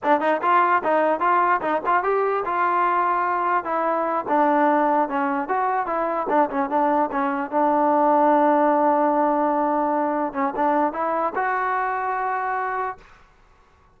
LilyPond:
\new Staff \with { instrumentName = "trombone" } { \time 4/4 \tempo 4 = 148 d'8 dis'8 f'4 dis'4 f'4 | dis'8 f'8 g'4 f'2~ | f'4 e'4. d'4.~ | d'8 cis'4 fis'4 e'4 d'8 |
cis'8 d'4 cis'4 d'4.~ | d'1~ | d'4. cis'8 d'4 e'4 | fis'1 | }